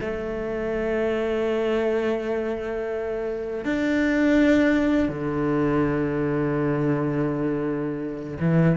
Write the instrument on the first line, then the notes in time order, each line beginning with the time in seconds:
cello
0.00 A3
3.64 D4
5.09 D3
8.39 E3